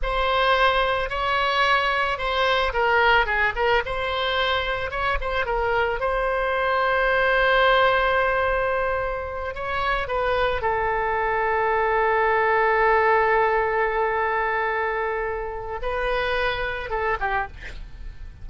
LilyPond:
\new Staff \with { instrumentName = "oboe" } { \time 4/4 \tempo 4 = 110 c''2 cis''2 | c''4 ais'4 gis'8 ais'8 c''4~ | c''4 cis''8 c''8 ais'4 c''4~ | c''1~ |
c''4. cis''4 b'4 a'8~ | a'1~ | a'1~ | a'4 b'2 a'8 g'8 | }